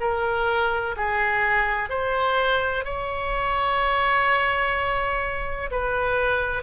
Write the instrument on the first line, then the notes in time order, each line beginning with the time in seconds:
oboe
0.00 A#4
0.96 G#4
1.89 C5
2.84 C#5
5.71 B4